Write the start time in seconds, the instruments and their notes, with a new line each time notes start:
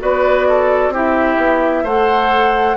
0.00 bassoon B3, clarinet F#4, oboe B4, flute D5
0.49 oboe A4
0.89 bassoon C4, clarinet E4, oboe G4
0.96 flute E5
1.38 bassoon B3
1.84 bassoon A3, clarinet A4, oboe C5, flute F#5